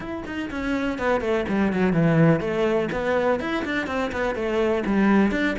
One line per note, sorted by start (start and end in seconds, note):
0.00 0.23 E4
0.26 0.50 D#4
0.50 0.98 C#4
0.98 1.21 B3
1.21 1.45 A3
1.48 1.72 G3
1.73 1.92 F#3
1.92 2.40 E3
2.40 2.88 A3
2.92 3.39 B3
3.39 3.64 E4
3.64 3.87 D4
3.87 4.11 C4
4.12 4.35 B3
4.35 4.83 A3
4.85 5.31 G3
5.31 5.55 D4